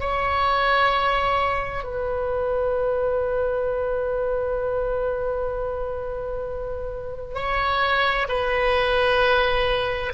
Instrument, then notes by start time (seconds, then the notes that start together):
oboe
0.00 C#5
1.84 B4
7.35 C#5
8.28 B4